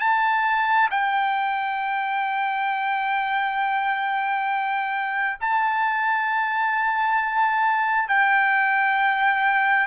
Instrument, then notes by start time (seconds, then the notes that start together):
trumpet
0.00 A5
0.91 G5
5.41 A5
8.08 G5